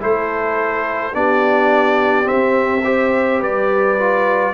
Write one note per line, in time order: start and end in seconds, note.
0.00 1.14 A3
0.00 1.13 E4
0.00 1.15 A4
0.00 1.14 C5
1.13 2.27 B3
1.13 2.24 D4
1.13 2.84 G4
1.13 2.27 D5
2.24 2.80 C4
2.24 3.41 E5
2.30 3.42 C4
2.84 3.97 G4
2.84 3.39 C5
3.39 4.53 G3
3.39 4.53 B4
3.39 4.53 D5
3.98 4.53 F4